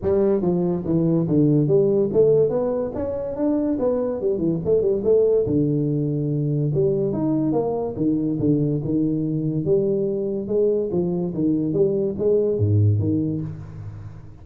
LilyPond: \new Staff \with { instrumentName = "tuba" } { \time 4/4 \tempo 4 = 143 g4 f4 e4 d4 | g4 a4 b4 cis'4 | d'4 b4 g8 e8 a8 g8 | a4 d2. |
g4 dis'4 ais4 dis4 | d4 dis2 g4~ | g4 gis4 f4 dis4 | g4 gis4 gis,4 dis4 | }